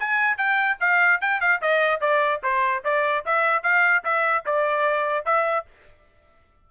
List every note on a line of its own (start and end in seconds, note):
0.00 0.38 G#5
0.38 0.79 G5
0.81 1.21 F5
1.22 1.41 G5
1.41 1.61 F5
1.62 2.01 D#5
2.01 2.42 D5
2.44 2.84 C5
2.85 3.25 D5
3.26 3.63 E5
3.63 4.04 F5
4.04 4.45 E5
4.46 5.26 D5
5.26 5.66 E5